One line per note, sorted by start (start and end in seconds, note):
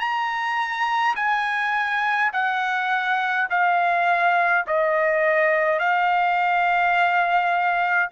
0.00 1.15 A#5
1.16 2.32 G#5
2.33 3.49 F#5
3.50 4.66 F5
4.67 5.80 D#5
5.80 8.10 F5